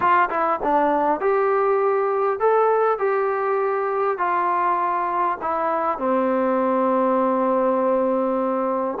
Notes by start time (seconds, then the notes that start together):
0.00 F4
0.30 E4
0.63 D4
1.20 G4
2.39 A4
2.98 G4
4.18 F4
5.41 E4
5.98 C4